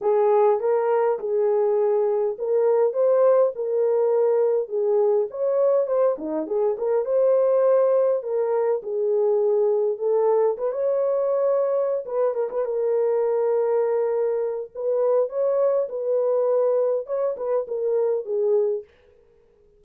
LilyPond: \new Staff \with { instrumentName = "horn" } { \time 4/4 \tempo 4 = 102 gis'4 ais'4 gis'2 | ais'4 c''4 ais'2 | gis'4 cis''4 c''8 dis'8 gis'8 ais'8 | c''2 ais'4 gis'4~ |
gis'4 a'4 b'16 cis''4.~ cis''16~ | cis''8 b'8 ais'16 b'16 ais'2~ ais'8~ | ais'4 b'4 cis''4 b'4~ | b'4 cis''8 b'8 ais'4 gis'4 | }